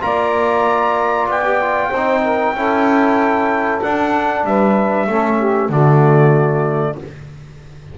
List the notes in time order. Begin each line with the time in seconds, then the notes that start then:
0.00 A#3 F4 D5 A#5
1.28 B3 G5
1.44 G4
1.61 F4
1.88 C4 C5
1.96 D#4
2.23 A#4
2.54 C#4 E4 A4
3.82 D4 F#5
4.44 G3 B4 E5
5.07 A3 C#4 A4
5.38 G4
5.69 D3 A3 F#4 D5